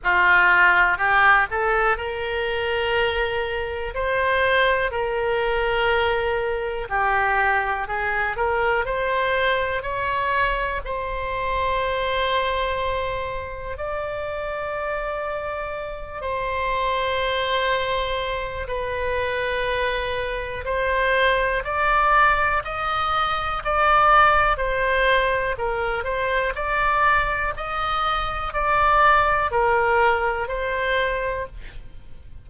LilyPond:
\new Staff \with { instrumentName = "oboe" } { \time 4/4 \tempo 4 = 61 f'4 g'8 a'8 ais'2 | c''4 ais'2 g'4 | gis'8 ais'8 c''4 cis''4 c''4~ | c''2 d''2~ |
d''8 c''2~ c''8 b'4~ | b'4 c''4 d''4 dis''4 | d''4 c''4 ais'8 c''8 d''4 | dis''4 d''4 ais'4 c''4 | }